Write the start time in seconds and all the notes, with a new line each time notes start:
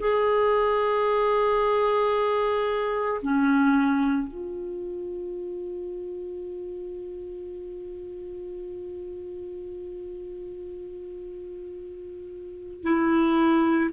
0.00 G#4
3.22 C#4
4.28 F4
12.83 E4